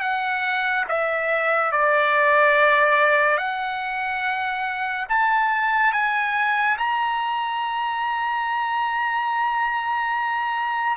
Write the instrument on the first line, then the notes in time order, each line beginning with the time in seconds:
trumpet
0.00 F#5
0.88 E5
1.72 D5
3.37 F#5
5.09 A5
5.92 G#5
6.78 A#5